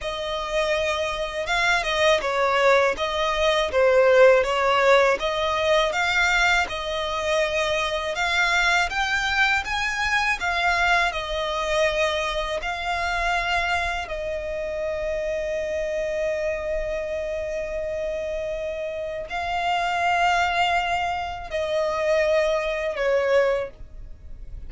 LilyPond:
\new Staff \with { instrumentName = "violin" } { \time 4/4 \tempo 4 = 81 dis''2 f''8 dis''8 cis''4 | dis''4 c''4 cis''4 dis''4 | f''4 dis''2 f''4 | g''4 gis''4 f''4 dis''4~ |
dis''4 f''2 dis''4~ | dis''1~ | dis''2 f''2~ | f''4 dis''2 cis''4 | }